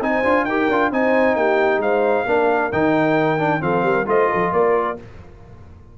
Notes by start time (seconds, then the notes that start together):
0.00 C4 D#4 C5 G#5
0.23 D4 F4
0.44 D#4 G4 A#4 G5
0.68 D4 F4
0.91 C4 D#4 C5 G#5
1.35 A#3 G4 G5
1.77 G#3 C5 F5
2.26 A#3 D4 A#4
2.72 D#3 D#4 G5
3.39 D4
3.60 F3 C4 A4 F5
3.82 G3 A#4
4.06 A3 F4 C5 D#5
4.30 F3 A4
4.52 A#3 A#4 D5